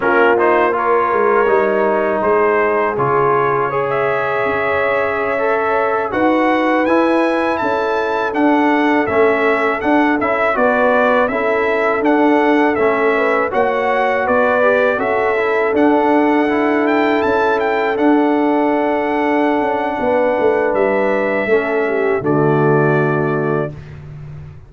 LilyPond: <<
  \new Staff \with { instrumentName = "trumpet" } { \time 4/4 \tempo 4 = 81 ais'8 c''8 cis''2 c''4 | cis''4~ cis''16 e''2~ e''8.~ | e''16 fis''4 gis''4 a''4 fis''8.~ | fis''16 e''4 fis''8 e''8 d''4 e''8.~ |
e''16 fis''4 e''4 fis''4 d''8.~ | d''16 e''4 fis''4. g''8 a''8 g''16~ | g''16 fis''2.~ fis''8. | e''2 d''2 | }
  \new Staff \with { instrumentName = "horn" } { \time 4/4 f'4 ais'2 gis'4~ | gis'4 cis''2.~ | cis''16 b'2 a'4.~ a'16~ | a'2~ a'16 b'4 a'8.~ |
a'4.~ a'16 b'8 cis''4 b'8.~ | b'16 a'2.~ a'8.~ | a'2. b'4~ | b'4 a'8 g'8 fis'2 | }
  \new Staff \with { instrumentName = "trombone" } { \time 4/4 cis'8 dis'8 f'4 dis'2 | f'4 gis'2~ gis'16 a'8.~ | a'16 fis'4 e'2 d'8.~ | d'16 cis'4 d'8 e'8 fis'4 e'8.~ |
e'16 d'4 cis'4 fis'4. g'16~ | g'16 fis'8 e'8 d'4 e'4.~ e'16~ | e'16 d'2.~ d'8.~ | d'4 cis'4 a2 | }
  \new Staff \with { instrumentName = "tuba" } { \time 4/4 ais4. gis8 g4 gis4 | cis2 cis'2~ | cis'16 dis'4 e'4 cis'4 d'8.~ | d'16 a4 d'8 cis'8 b4 cis'8.~ |
cis'16 d'4 a4 ais4 b8.~ | b16 cis'4 d'2 cis'8.~ | cis'16 d'2~ d'16 cis'8 b8 a8 | g4 a4 d2 | }
>>